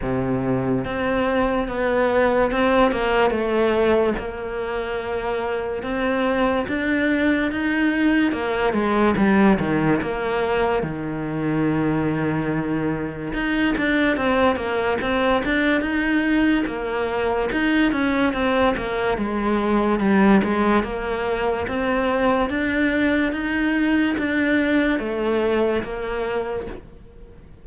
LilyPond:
\new Staff \with { instrumentName = "cello" } { \time 4/4 \tempo 4 = 72 c4 c'4 b4 c'8 ais8 | a4 ais2 c'4 | d'4 dis'4 ais8 gis8 g8 dis8 | ais4 dis2. |
dis'8 d'8 c'8 ais8 c'8 d'8 dis'4 | ais4 dis'8 cis'8 c'8 ais8 gis4 | g8 gis8 ais4 c'4 d'4 | dis'4 d'4 a4 ais4 | }